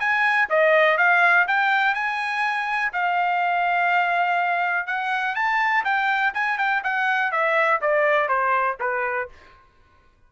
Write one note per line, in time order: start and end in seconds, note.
0.00 0.49 G#5
0.50 0.98 D#5
0.98 1.47 F5
1.48 1.95 G5
1.95 2.92 G#5
2.93 4.87 F5
4.87 5.35 F#5
5.35 5.84 A5
5.85 6.34 G5
6.34 6.59 G#5
6.59 6.83 G5
6.84 7.32 F#5
7.32 7.81 E5
7.82 8.29 D5
8.29 8.78 C5
8.80 9.29 B4